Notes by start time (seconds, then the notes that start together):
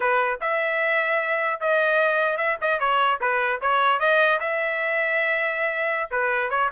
0.00 B4
0.41 E5
1.60 D#5
2.37 E5
2.61 D#5
2.79 C#5
3.21 B4
3.61 C#5
3.99 D#5
4.40 E5
6.10 B4
6.50 C#5